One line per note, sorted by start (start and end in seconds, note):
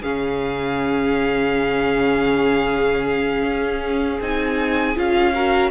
0.00 3.43 C#3
0.00 4.20 C#4
0.00 5.32 G#4
0.00 4.20 F5
3.43 4.19 C#4
4.20 4.96 C4
4.20 4.95 D#4
4.20 4.98 G#5
4.95 5.70 C#4
4.95 5.33 F4
4.95 5.70 F5
5.34 5.70 F#4
5.34 5.70 A#4